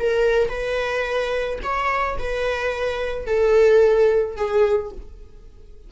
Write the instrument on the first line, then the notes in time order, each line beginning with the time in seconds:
viola
0.00 A#4
0.49 B4
1.63 C#5
2.19 B4
3.27 A4
4.37 G#4